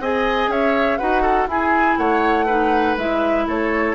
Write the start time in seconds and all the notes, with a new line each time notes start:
0.00 C4 G#4 D#5 G#5
0.48 C#4 C#5 E5
0.97 D#4 F#4 B4 F#5
1.22 A4
1.47 E4 G#4 G#5
1.98 A3 C#5 F#5
2.46 D#4 B4
2.97 G#3 E4 E5
3.47 A3 A4 C#5